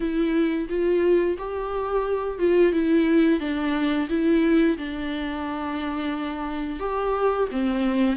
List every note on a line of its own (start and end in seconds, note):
0.00 0.68 E4
0.69 1.37 F4
1.38 2.39 G4
2.39 2.72 F4
2.72 3.40 E4
3.40 4.08 D4
4.09 4.77 E4
4.77 6.79 D4
6.79 7.48 G4
7.51 8.16 C4